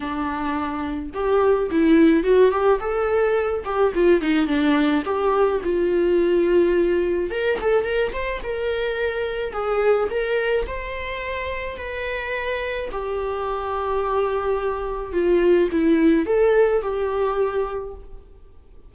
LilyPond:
\new Staff \with { instrumentName = "viola" } { \time 4/4 \tempo 4 = 107 d'2 g'4 e'4 | fis'8 g'8 a'4. g'8 f'8 dis'8 | d'4 g'4 f'2~ | f'4 ais'8 a'8 ais'8 c''8 ais'4~ |
ais'4 gis'4 ais'4 c''4~ | c''4 b'2 g'4~ | g'2. f'4 | e'4 a'4 g'2 | }